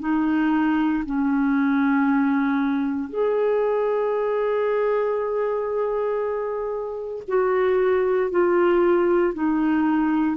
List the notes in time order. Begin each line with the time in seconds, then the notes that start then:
0.00 D#4
1.05 C#4
3.09 G#4
7.28 F#4
8.31 F4
9.34 D#4